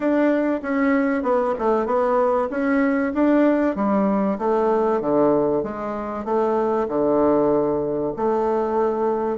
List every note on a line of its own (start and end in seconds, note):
0.00 0.61 D4
0.62 1.22 C#4
1.22 1.54 B3
1.58 1.86 A3
1.86 2.48 B3
2.50 3.12 C#4
3.13 3.75 D4
3.75 4.38 G3
4.38 5.00 A3
5.00 5.62 D3
5.62 6.24 G#3
6.24 6.87 A3
6.88 8.13 D3
8.16 9.38 A3